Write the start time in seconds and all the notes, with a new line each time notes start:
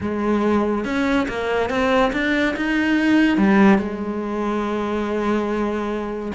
0.00 G#3
0.85 C#4
1.28 A#3
1.69 C4
2.12 D4
2.56 D#4
3.37 G3
3.78 G#3